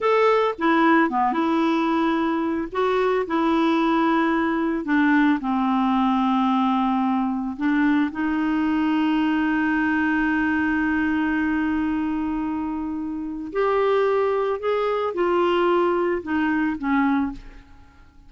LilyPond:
\new Staff \with { instrumentName = "clarinet" } { \time 4/4 \tempo 4 = 111 a'4 e'4 b8 e'4.~ | e'4 fis'4 e'2~ | e'4 d'4 c'2~ | c'2 d'4 dis'4~ |
dis'1~ | dis'1~ | dis'4 g'2 gis'4 | f'2 dis'4 cis'4 | }